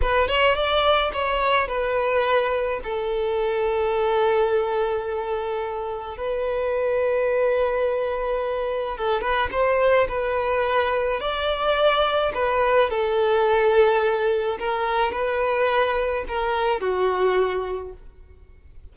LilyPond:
\new Staff \with { instrumentName = "violin" } { \time 4/4 \tempo 4 = 107 b'8 cis''8 d''4 cis''4 b'4~ | b'4 a'2.~ | a'2. b'4~ | b'1 |
a'8 b'8 c''4 b'2 | d''2 b'4 a'4~ | a'2 ais'4 b'4~ | b'4 ais'4 fis'2 | }